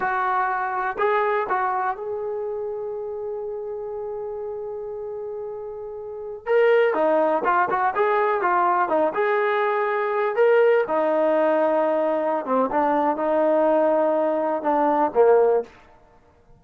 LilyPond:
\new Staff \with { instrumentName = "trombone" } { \time 4/4 \tempo 4 = 123 fis'2 gis'4 fis'4 | gis'1~ | gis'1~ | gis'4~ gis'16 ais'4 dis'4 f'8 fis'16~ |
fis'16 gis'4 f'4 dis'8 gis'4~ gis'16~ | gis'4~ gis'16 ais'4 dis'4.~ dis'16~ | dis'4. c'8 d'4 dis'4~ | dis'2 d'4 ais4 | }